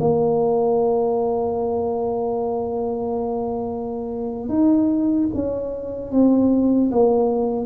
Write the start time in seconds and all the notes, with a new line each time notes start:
0.00 A#3
4.49 D#4
5.34 C#4
6.11 C4
6.91 A#3